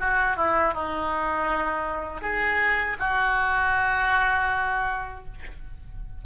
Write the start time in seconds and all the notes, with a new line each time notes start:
0.00 F#4
0.36 E4
0.74 D#4
2.22 G#4
2.99 F#4